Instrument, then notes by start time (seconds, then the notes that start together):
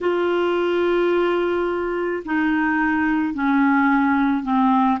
clarinet
0.01 F4
2.25 D#4
3.34 C#4
4.43 C4